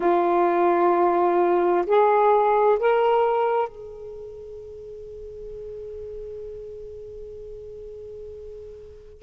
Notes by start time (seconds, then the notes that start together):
0.00 F4
1.86 G#4
2.79 A#4
3.68 G#4